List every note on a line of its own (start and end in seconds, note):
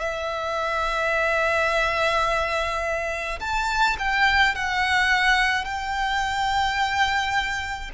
0.00 3.40 E5
3.40 3.97 A5
3.98 4.55 G5
4.55 5.64 F#5
5.64 7.91 G5